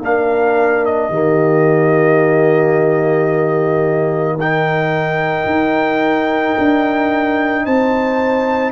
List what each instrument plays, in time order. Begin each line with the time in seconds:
0.00 tuba A#3, trombone D4, horn A#4, trumpet F5
0.85 trumpet D#5
1.09 tuba D#3, trombone A#3, horn G4
4.35 trombone D#4, horn A#4, trumpet G5
5.45 tuba D#4
6.57 tuba D4
7.65 tuba C4, horn C5, trumpet A5